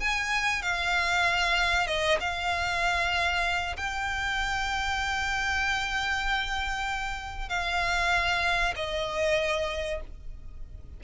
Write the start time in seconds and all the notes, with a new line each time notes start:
0.00 G#5
0.62 F5
1.87 D#5
2.20 F5
3.76 G5
7.49 F5
8.76 D#5